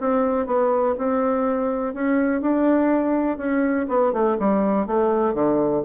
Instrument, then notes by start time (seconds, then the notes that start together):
bassoon
0.00 C4
0.46 B3
0.98 C4
1.94 C#4
2.41 D4
3.37 C#4
3.88 B3
4.12 A3
4.39 G3
4.86 A3
5.34 D3